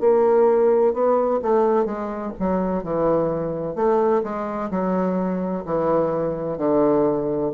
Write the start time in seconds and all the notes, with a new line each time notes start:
0.00 A#3
0.93 B3
1.42 A3
1.85 G#3
2.39 F#3
2.83 E3
3.75 A3
4.23 G#3
4.70 F#3
5.65 E3
6.58 D3